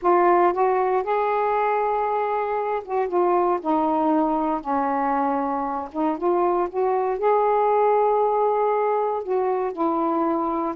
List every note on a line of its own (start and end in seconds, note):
0.01 0.53 F4
0.53 1.03 F#4
1.03 2.82 G#4
2.84 3.08 F#4
3.08 3.59 F4
3.61 4.60 D#4
4.60 5.89 C#4
5.92 6.17 D#4
6.17 6.69 F4
6.69 7.18 F#4
7.18 9.23 G#4
9.23 9.72 F#4
9.72 10.75 E4